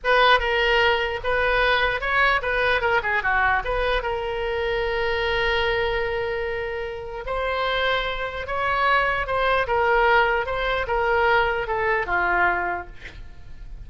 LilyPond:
\new Staff \with { instrumentName = "oboe" } { \time 4/4 \tempo 4 = 149 b'4 ais'2 b'4~ | b'4 cis''4 b'4 ais'8 gis'8 | fis'4 b'4 ais'2~ | ais'1~ |
ais'2 c''2~ | c''4 cis''2 c''4 | ais'2 c''4 ais'4~ | ais'4 a'4 f'2 | }